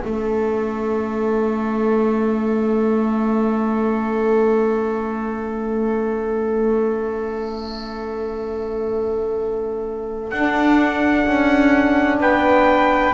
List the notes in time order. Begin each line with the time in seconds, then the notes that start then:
0.00 A3 C#4 A4 E5
10.30 D4 F#5
11.26 C#4
12.20 B3 B4 G5